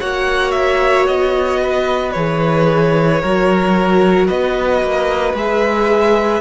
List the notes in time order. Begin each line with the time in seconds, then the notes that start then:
0.00 A#3 F#4 C#5 F#5
0.52 E5
1.07 B3 D#5
1.61 B4
2.12 E3 G#4 C#5
3.22 F#3 F#4 A#4
4.27 B3 B4 D#5
4.83 A#3
5.34 G#3 G#4 E5